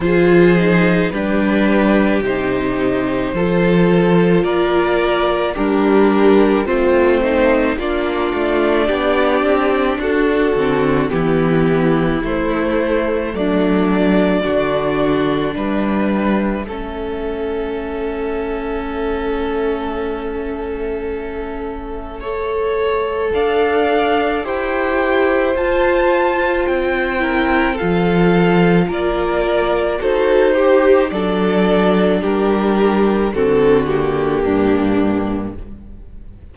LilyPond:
<<
  \new Staff \with { instrumentName = "violin" } { \time 4/4 \tempo 4 = 54 c''4 b'4 c''2 | d''4 ais'4 c''4 d''4~ | d''4 a'4 g'4 c''4 | d''2 e''2~ |
e''1~ | e''4 f''4 g''4 a''4 | g''4 f''4 d''4 c''4 | d''4 ais'4 a'8 g'4. | }
  \new Staff \with { instrumentName = "violin" } { \time 4/4 gis'4 g'2 a'4 | ais'4 d'4 c'4 f'4 | g'4 fis'4 e'2 | d'4 fis'4 b'4 a'4~ |
a'1 | cis''4 d''4 c''2~ | c''8 ais'8 a'4 ais'4 a'8 g'8 | a'4 g'4 fis'4 d'4 | }
  \new Staff \with { instrumentName = "viola" } { \time 4/4 f'8 dis'8 d'4 dis'4 f'4~ | f'4 g'4 f'8 dis'8 d'4~ | d'4. c'8 b4 a4~ | a4 d'2 cis'4~ |
cis'1 | a'2 g'4 f'4~ | f'8 e'8 f'2 fis'8 g'8 | d'2 c'8 ais4. | }
  \new Staff \with { instrumentName = "cello" } { \time 4/4 f4 g4 c4 f4 | ais4 g4 a4 ais8 a8 | b8 c'8 d'8 d8 e4 a4 | fis4 d4 g4 a4~ |
a1~ | a4 d'4 e'4 f'4 | c'4 f4 ais4 dis'4 | fis4 g4 d4 g,4 | }
>>